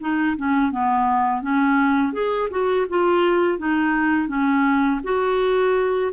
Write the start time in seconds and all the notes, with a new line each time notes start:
0.00 D#4
0.36 C#4
0.71 B3
1.41 C#4
2.12 G#4
2.50 F#4
2.89 F4
3.58 D#4
4.27 C#4
5.03 F#4